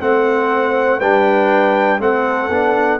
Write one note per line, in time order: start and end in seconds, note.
0.00 1.00 A3
0.00 1.00 C4
0.00 0.98 C5
0.00 1.00 F#5
0.98 1.99 G3
0.98 1.99 D4
0.98 1.98 B4
0.98 2.00 G5
1.99 2.49 A3
1.99 2.49 C4
1.99 2.99 A4
1.99 2.99 F#5
2.49 2.99 B3
2.49 2.99 D4